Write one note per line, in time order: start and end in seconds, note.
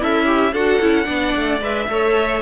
0.00 0.53 C#4
0.00 0.53 E4
0.00 0.26 A4
0.00 0.54 E5
0.26 0.52 G4
0.53 0.80 D4
0.53 0.82 F#4
0.53 1.06 A4
0.53 1.61 F#5
0.81 1.08 C#4
0.81 1.05 E4
1.05 1.35 B3
1.05 1.59 D4
1.05 1.86 D5
1.36 1.61 A3
1.61 1.88 G#3
1.61 1.88 B4
1.61 2.42 E5
1.88 2.42 A3
1.88 2.42 A4
1.88 2.42 C#5